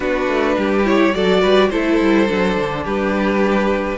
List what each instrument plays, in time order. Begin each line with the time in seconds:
0.00 cello B3, viola D4, violin F#4 B4
0.27 cello A3
0.57 cello G3, violin G4
0.84 viola E4, violin C#5
1.13 cello F#3, viola F#4, violin A4 D5
1.41 cello G3, violin B4
1.69 cello A3, viola E4, violin A4 C5
2.01 cello G3
2.27 cello F#3, viola D4
2.57 cello D3
2.83 cello G3, violin G4 B4